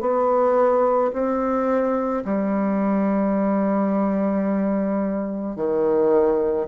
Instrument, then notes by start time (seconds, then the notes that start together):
bassoon
0.00 B3
1.12 C4
2.24 G3
5.56 D#3